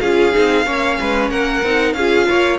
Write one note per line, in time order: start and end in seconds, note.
0.00 0.34 C#4
0.00 0.32 F4
0.00 0.65 G#4
0.00 1.29 F5
0.32 0.66 C4
0.32 0.64 D#4
0.65 0.99 A#3
0.65 1.62 C#4
0.65 0.98 C#5
1.00 1.30 G#3
1.00 1.31 B4
1.30 1.62 A#3
1.30 1.95 A#4
1.30 1.93 F#5
1.63 1.93 C4
1.63 1.97 D#4
1.93 2.26 C#4
1.93 2.59 F4
1.93 2.28 G#4
1.93 2.58 F5
2.28 2.59 A#3
2.28 2.59 C#5